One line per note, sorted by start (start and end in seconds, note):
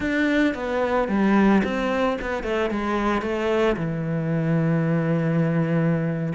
0.00 0.54 D4
0.54 1.08 B3
1.08 1.62 G3
1.64 2.18 C4
2.21 2.43 B3
2.43 2.70 A3
2.70 3.22 G#3
3.22 3.76 A3
3.76 6.33 E3